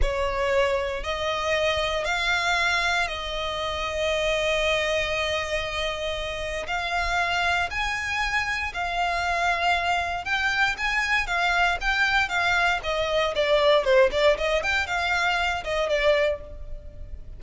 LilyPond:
\new Staff \with { instrumentName = "violin" } { \time 4/4 \tempo 4 = 117 cis''2 dis''2 | f''2 dis''2~ | dis''1~ | dis''4 f''2 gis''4~ |
gis''4 f''2. | g''4 gis''4 f''4 g''4 | f''4 dis''4 d''4 c''8 d''8 | dis''8 g''8 f''4. dis''8 d''4 | }